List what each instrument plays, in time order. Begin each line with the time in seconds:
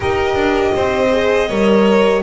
0.00 double bass D#4, horn G4, violin A#4 D#5
0.35 double bass D4
0.75 double bass C4, violin C5
1.11 horn G#4
1.48 double bass G3, horn A#4, violin C#5